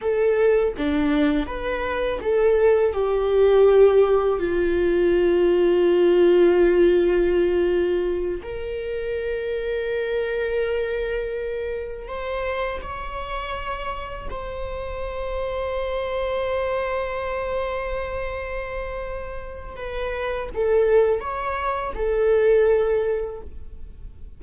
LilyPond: \new Staff \with { instrumentName = "viola" } { \time 4/4 \tempo 4 = 82 a'4 d'4 b'4 a'4 | g'2 f'2~ | f'2.~ f'8 ais'8~ | ais'1~ |
ais'8 c''4 cis''2 c''8~ | c''1~ | c''2. b'4 | a'4 cis''4 a'2 | }